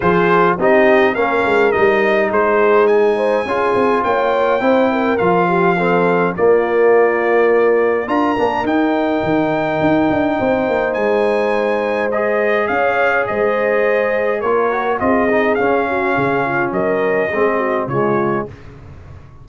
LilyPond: <<
  \new Staff \with { instrumentName = "trumpet" } { \time 4/4 \tempo 4 = 104 c''4 dis''4 f''4 dis''4 | c''4 gis''2 g''4~ | g''4 f''2 d''4~ | d''2 ais''4 g''4~ |
g''2. gis''4~ | gis''4 dis''4 f''4 dis''4~ | dis''4 cis''4 dis''4 f''4~ | f''4 dis''2 cis''4 | }
  \new Staff \with { instrumentName = "horn" } { \time 4/4 gis'4 g'4 ais'2 | gis'4. c''8 gis'4 cis''4 | c''8 ais'4 g'8 a'4 f'4~ | f'2 ais'2~ |
ais'2 c''2~ | c''2 cis''4 c''4~ | c''4 ais'4 gis'4. fis'8 | gis'8 f'8 ais'4 gis'8 fis'8 f'4 | }
  \new Staff \with { instrumentName = "trombone" } { \time 4/4 f'4 dis'4 cis'4 dis'4~ | dis'2 f'2 | e'4 f'4 c'4 ais4~ | ais2 f'8 d'8 dis'4~ |
dis'1~ | dis'4 gis'2.~ | gis'4 f'8 fis'8 f'8 dis'8 cis'4~ | cis'2 c'4 gis4 | }
  \new Staff \with { instrumentName = "tuba" } { \time 4/4 f4 c'4 ais8 gis8 g4 | gis2 cis'8 c'8 ais4 | c'4 f2 ais4~ | ais2 d'8 ais8 dis'4 |
dis4 dis'8 d'8 c'8 ais8 gis4~ | gis2 cis'4 gis4~ | gis4 ais4 c'4 cis'4 | cis4 fis4 gis4 cis4 | }
>>